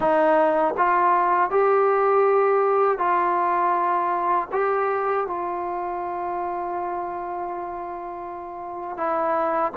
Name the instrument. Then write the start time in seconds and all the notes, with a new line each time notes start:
trombone
0.00 D#4
0.77 F4
1.50 G4
2.98 F4
4.52 G4
5.26 F4
8.97 E4